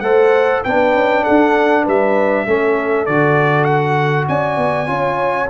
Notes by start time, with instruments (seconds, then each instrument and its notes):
0.00 tuba A3, trombone A4, horn C5, trumpet F#5
0.63 tuba B3, trombone D4, horn B4, trumpet G5
0.94 tuba C#4
1.23 tuba D4, horn A4, trumpet F#5
1.83 tuba G3, horn B4, trumpet E5
2.46 tuba A3, trombone C#4, horn A4
3.06 tuba D3, trombone F#4, trumpet D5
3.64 trumpet F#5
4.28 tuba C#4, horn D5, trumpet G#5
4.57 tuba B3
4.86 tuba C#4, trombone F4, horn C#5